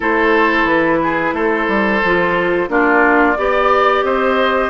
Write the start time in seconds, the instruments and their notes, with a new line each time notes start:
0.00 bassoon A3, clarinet E4, oboe A4, flute C5
0.64 bassoon E3, flute B4
1.03 oboe G#4
1.33 bassoon A3, oboe A4, flute C5
1.68 bassoon G3
2.03 bassoon F3, clarinet F4
2.67 bassoon A#3, clarinet D4, oboe F4, flute D5
3.37 bassoon B3, clarinet G4, oboe D5
4.03 bassoon C4, oboe C5, flute D#5